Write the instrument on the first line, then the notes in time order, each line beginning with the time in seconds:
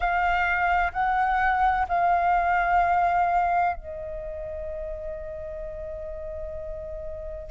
flute
0.00 F5
0.92 F#5
1.88 F5
3.76 D#5